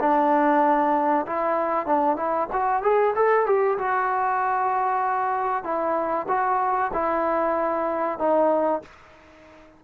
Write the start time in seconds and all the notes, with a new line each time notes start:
0.00 D4
1.27 E4
1.87 D4
2.17 E4
2.53 F#4
2.83 G#4
3.16 A4
3.47 G4
3.78 F#4
5.64 E4
6.28 F#4
6.94 E4
8.19 D#4